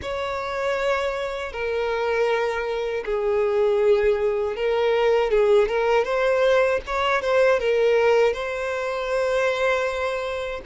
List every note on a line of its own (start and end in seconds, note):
0.02 1.52 C#5
1.52 3.04 A#4
3.05 4.56 G#4
4.56 5.30 A#4
5.30 5.68 G#4
5.68 6.04 A#4
6.04 6.80 C5
6.86 7.21 C#5
7.21 7.59 C5
7.59 8.33 A#4
8.33 10.61 C5